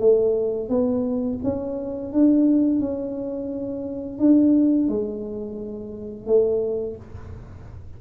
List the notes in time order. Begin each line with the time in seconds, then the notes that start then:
0.00 A3
0.69 B3
1.44 C#4
2.13 D4
2.80 C#4
4.20 D4
4.89 G#3
6.27 A3